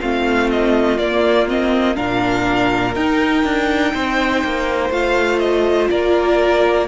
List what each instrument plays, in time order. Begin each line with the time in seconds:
0.00 cello A3, viola C4, violin F4 F5
0.51 violin D#5
0.97 viola A#3, cello A#3, violin D5
1.48 viola C4, violin D#5
1.95 cello A#2, viola D4, violin A#4 F5
2.95 cello D#4, viola D#4, violin G5
3.44 cello D4
3.94 cello C4, violin C5
4.44 cello A#3
4.90 cello A3, viola F4, violin F5
5.39 violin D#5
5.90 cello A#3, violin A#4 D5